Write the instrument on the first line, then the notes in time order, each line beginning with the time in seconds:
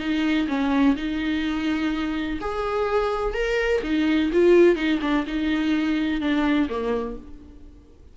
viola
0.00 D#4
0.49 C#4
0.97 D#4
2.41 G#4
3.35 A#4
3.84 D#4
4.33 F4
4.76 D#4
5.02 D4
5.27 D#4
6.21 D4
6.70 A#3